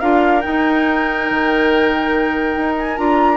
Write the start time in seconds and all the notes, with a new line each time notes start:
0.00 D4 F4 A#4 F5
0.41 D#4 G5
1.30 D#3
2.56 D#4
2.78 G#5
2.97 D4 F4 A#5